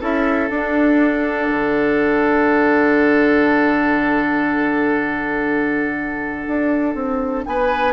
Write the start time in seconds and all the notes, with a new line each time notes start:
0.00 C#4 E4 A4 E5
0.47 D4 F#5
1.49 D3
6.47 D4
6.94 C4
7.46 B3 B4 G#5